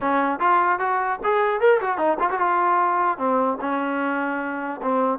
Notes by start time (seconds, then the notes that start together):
0.01 C#4
0.39 F4
0.79 F#4
1.23 G#4
1.60 A#4
1.81 F#4
1.97 D#4
2.19 F4
2.30 F#4
2.39 F4
3.18 C4
3.60 C#4
4.81 C4